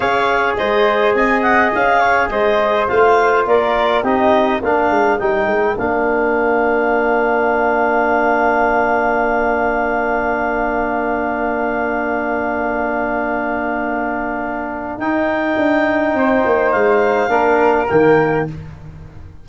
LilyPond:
<<
  \new Staff \with { instrumentName = "clarinet" } { \time 4/4 \tempo 4 = 104 f''4 dis''4 gis''8 fis''8 f''4 | dis''4 f''4 d''4 dis''4 | f''4 g''4 f''2~ | f''1~ |
f''1~ | f''1~ | f''2 g''2~ | g''4 f''2 g''4 | }
  \new Staff \with { instrumentName = "flute" } { \time 4/4 cis''4 c''4 dis''4. cis''8 | c''2 ais'4 g'4 | ais'1~ | ais'1~ |
ais'1~ | ais'1~ | ais'1 | c''2 ais'2 | }
  \new Staff \with { instrumentName = "trombone" } { \time 4/4 gis'1~ | gis'4 f'2 dis'4 | d'4 dis'4 d'2~ | d'1~ |
d'1~ | d'1~ | d'2 dis'2~ | dis'2 d'4 ais4 | }
  \new Staff \with { instrumentName = "tuba" } { \time 4/4 cis'4 gis4 c'4 cis'4 | gis4 a4 ais4 c'4 | ais8 gis8 g8 gis8 ais2~ | ais1~ |
ais1~ | ais1~ | ais2 dis'4 d'4 | c'8 ais8 gis4 ais4 dis4 | }
>>